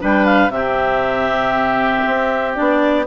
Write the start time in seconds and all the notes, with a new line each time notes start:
0.00 G3 D4 B4 G5
0.25 F5
0.49 C3 C4 G4 E5
2.06 C4
2.54 B3 D4 D5